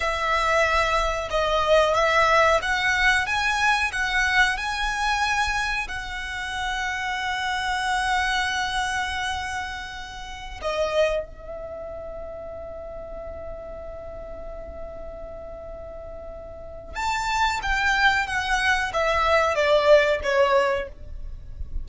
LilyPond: \new Staff \with { instrumentName = "violin" } { \time 4/4 \tempo 4 = 92 e''2 dis''4 e''4 | fis''4 gis''4 fis''4 gis''4~ | gis''4 fis''2.~ | fis''1~ |
fis''16 dis''4 e''2~ e''8.~ | e''1~ | e''2 a''4 g''4 | fis''4 e''4 d''4 cis''4 | }